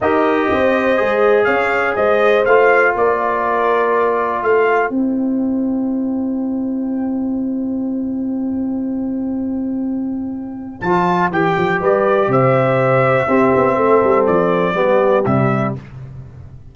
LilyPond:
<<
  \new Staff \with { instrumentName = "trumpet" } { \time 4/4 \tempo 4 = 122 dis''2. f''4 | dis''4 f''4 d''2~ | d''4 f''4 g''2~ | g''1~ |
g''1~ | g''2 a''4 g''4 | d''4 e''2.~ | e''4 d''2 e''4 | }
  \new Staff \with { instrumentName = "horn" } { \time 4/4 ais'4 c''2 cis''4 | c''2 ais'2~ | ais'4 c''2.~ | c''1~ |
c''1~ | c''1 | b'4 c''2 g'4 | a'2 g'2 | }
  \new Staff \with { instrumentName = "trombone" } { \time 4/4 g'2 gis'2~ | gis'4 f'2.~ | f'2 e'2~ | e'1~ |
e'1~ | e'2 f'4 g'4~ | g'2. c'4~ | c'2 b4 g4 | }
  \new Staff \with { instrumentName = "tuba" } { \time 4/4 dis'4 c'4 gis4 cis'4 | gis4 a4 ais2~ | ais4 a4 c'2~ | c'1~ |
c'1~ | c'2 f4 e8 f8 | g4 c2 c'8 b8 | a8 g8 f4 g4 c4 | }
>>